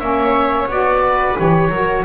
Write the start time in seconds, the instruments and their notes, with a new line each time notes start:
0.00 double bass A#3, saxophone C#4, viola C#5, oboe E5
0.68 double bass B3, saxophone F#4, oboe D5
1.01 viola B4
1.36 double bass E3, saxophone G4, oboe C#5
1.70 double bass F#3, saxophone F#4, viola A#4